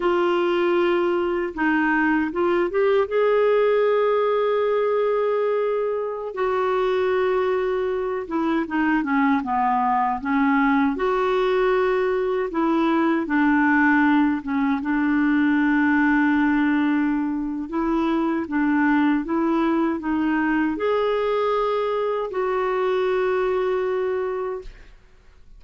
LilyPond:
\new Staff \with { instrumentName = "clarinet" } { \time 4/4 \tempo 4 = 78 f'2 dis'4 f'8 g'8 | gis'1~ | gis'16 fis'2~ fis'8 e'8 dis'8 cis'16~ | cis'16 b4 cis'4 fis'4.~ fis'16~ |
fis'16 e'4 d'4. cis'8 d'8.~ | d'2. e'4 | d'4 e'4 dis'4 gis'4~ | gis'4 fis'2. | }